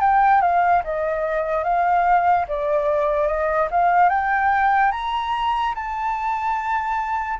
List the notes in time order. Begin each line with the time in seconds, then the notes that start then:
0.00 G5
0.41 F5
0.84 D#5
1.63 F5
2.48 D5
3.27 D#5
3.71 F5
4.09 G5
4.91 A#5
5.74 A5